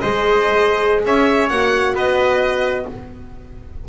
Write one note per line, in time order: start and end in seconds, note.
0.00 1.04 G#3
0.00 1.50 G#4
0.00 1.03 C5
0.00 1.02 D#5
1.04 1.50 C#4
1.04 1.94 C#5
1.04 1.48 E5
1.48 1.94 A#3
1.48 2.87 F#4
1.48 1.94 F#5
1.94 2.85 B3
1.94 2.85 B4
1.94 2.88 D#5